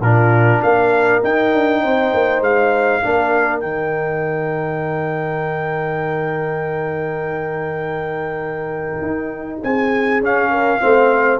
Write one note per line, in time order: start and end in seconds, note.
0.00 0.60 A#2
0.00 1.22 D4
0.00 0.60 F4
0.00 0.62 A#4
0.62 1.23 A#3
0.62 1.82 A#4
0.62 1.22 F5
1.22 3.02 D#4
1.22 1.54 D#4
1.22 2.42 G5
1.54 1.83 D4
1.82 2.13 C4
1.82 3.02 C5
2.13 2.40 A#3
2.40 3.00 G#3
2.40 3.60 F5
3.02 3.63 A#3
3.02 3.61 D4
3.02 9.62 A#4
3.60 9.01 D#3
3.60 10.21 D#4
3.60 9.60 G5
9.01 9.61 D#4
9.63 10.20 C4
9.63 10.50 G#4
9.63 10.23 G#5
10.20 10.80 C#4
10.20 11.39 F5
10.50 10.80 A#4
10.80 11.39 A3
10.80 11.39 C4
10.80 11.39 C5